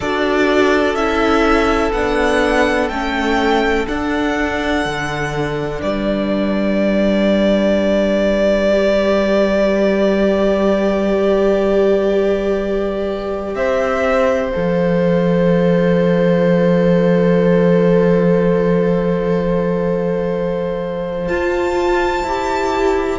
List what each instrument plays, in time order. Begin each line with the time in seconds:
0.00 cello D4, viola F#4, violin A4 D5
0.94 cello C#4, viola E4, violin E5
1.92 cello B3, viola D4, violin F#5
2.88 cello A3, viola C#4, violin G5
3.87 viola D4, cello D4, violin F#5
4.85 cello D3
5.79 cello G3, violin B4 D5
8.71 viola G4
13.54 cello C4, violin C5 E5
14.50 cello F3, viola A4, violin F5
21.27 viola F4, cello F4, violin A5
22.23 cello E4, viola G4